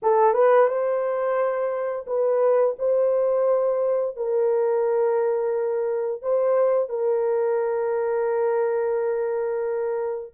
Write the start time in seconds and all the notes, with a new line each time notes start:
0.02 A4
0.33 B4
0.67 C5
2.07 B4
2.78 C5
4.16 A#4
6.22 C5
6.89 A#4